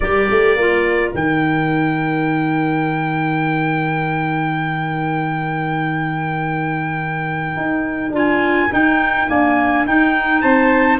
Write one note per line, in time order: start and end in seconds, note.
0.00 0.30 G3
0.00 0.58 G4
0.00 10.41 A#4
0.00 1.12 D5
0.30 0.56 A3
0.56 1.13 A#3
0.56 1.15 F4
1.14 7.56 D#3
1.14 8.13 D#4
1.14 8.15 G5
7.56 8.09 D#4
8.09 8.67 D4
8.09 8.70 F4
8.17 8.73 G#5
8.70 9.27 D#4
8.70 9.29 D#4
8.70 9.29 G5
9.28 9.85 A#3
9.28 9.85 D4
9.28 9.86 G#5
9.85 10.42 D#4
9.85 11.00 D#4
9.85 10.41 G5
10.41 11.00 C4
10.41 10.98 C5
10.41 10.98 A5